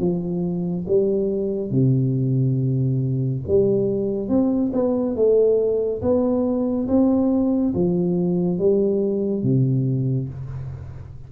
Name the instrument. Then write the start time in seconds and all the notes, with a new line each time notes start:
tuba
0.00 F3
0.88 G3
1.71 C3
3.48 G3
4.29 C4
4.73 B3
5.16 A3
6.02 B3
6.88 C4
7.75 F3
8.59 G3
9.43 C3